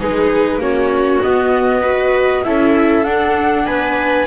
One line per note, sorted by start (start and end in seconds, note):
0.00 0.58 G#3
0.00 0.61 D#4
0.00 0.61 G#4
0.00 0.62 B4
0.58 1.19 A#3
0.58 1.22 C#4
0.58 1.82 F#4
0.58 1.22 C#5
1.22 1.83 B3
1.22 2.46 B3
1.22 2.44 D#5
1.82 2.44 F#4
1.82 2.43 B4
2.44 3.05 C#4
2.44 3.06 E4
2.44 3.67 A4
2.44 3.04 E5
3.04 3.67 D4
3.04 4.28 D4
3.04 3.65 F#5
3.65 4.28 B3
3.65 4.28 B4
3.65 4.27 G#5